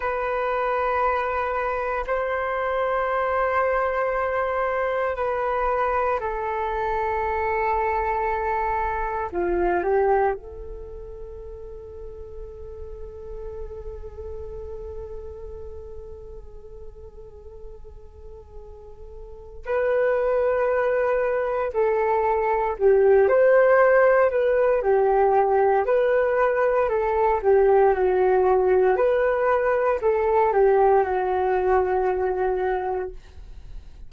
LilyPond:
\new Staff \with { instrumentName = "flute" } { \time 4/4 \tempo 4 = 58 b'2 c''2~ | c''4 b'4 a'2~ | a'4 f'8 g'8 a'2~ | a'1~ |
a'2. b'4~ | b'4 a'4 g'8 c''4 b'8 | g'4 b'4 a'8 g'8 fis'4 | b'4 a'8 g'8 fis'2 | }